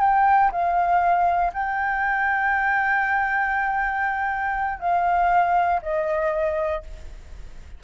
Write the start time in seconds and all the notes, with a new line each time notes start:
0.00 G5
0.51 F5
1.53 G5
4.79 F5
5.82 D#5